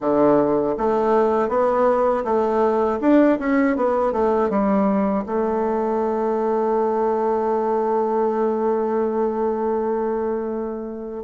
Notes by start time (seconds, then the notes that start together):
0.00 D3
0.77 A3
1.48 B3
2.24 A3
3.00 D4
3.39 C#4
3.76 B3
4.12 A3
4.49 G3
5.26 A3